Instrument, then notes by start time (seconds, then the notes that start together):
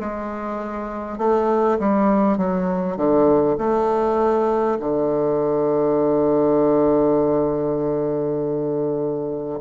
bassoon
0.00 G#3
1.18 A3
1.79 G3
2.37 F#3
2.97 D3
3.58 A3
4.80 D3